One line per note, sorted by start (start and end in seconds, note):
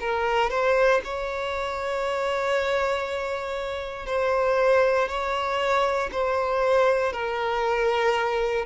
0.00 0.50 A#4
0.50 1.01 C5
1.04 4.06 C#5
4.06 5.08 C5
5.08 6.10 C#5
6.12 7.13 C5
7.13 8.65 A#4